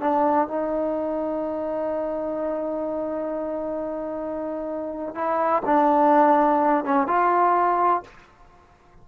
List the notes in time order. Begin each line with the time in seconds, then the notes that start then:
0.00 D4
0.48 D#4
5.14 E4
5.65 D4
6.84 C#4
7.07 F4